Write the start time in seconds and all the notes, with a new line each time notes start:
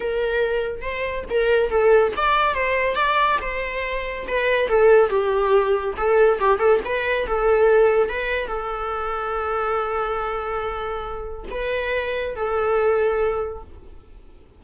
0.00 A#4
0.81 C5
1.30 A#4
1.70 A4
2.16 D5
2.54 C5
2.95 D5
3.41 C5
4.27 B4
4.68 A4
5.09 G4
5.96 A4
6.39 G4
6.59 A4
6.85 B4
7.26 A4
8.09 B4
8.47 A4
11.50 B4
12.35 A4